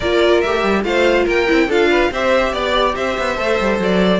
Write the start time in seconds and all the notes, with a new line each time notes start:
0.00 A#3 F4 A#4 D5
0.41 A3 G4 E5
0.63 G3
0.83 A3 F4 C5 F5
1.24 A#3 A#4 G5
1.47 C4 E4
1.67 D4 F4 A4 F5
1.90 B4
2.11 C4 G4 C5 E5
2.52 B3 D5
2.95 C4 C5 E5
3.18 B3
3.36 A3 A4
3.60 G3
3.78 F#3 D5